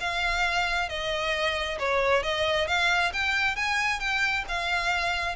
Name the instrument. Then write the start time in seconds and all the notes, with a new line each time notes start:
violin
0.00 F5
0.88 D#5
1.79 C#5
2.23 D#5
2.67 F5
3.13 G5
3.56 G#5
4.00 G5
4.48 F5